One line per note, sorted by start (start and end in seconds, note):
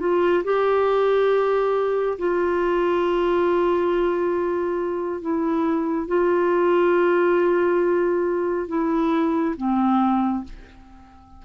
0.00 0.43 F4
0.45 2.19 G4
2.19 5.22 F4
5.22 6.08 E4
6.08 8.69 F4
8.69 9.56 E4
9.57 10.44 C4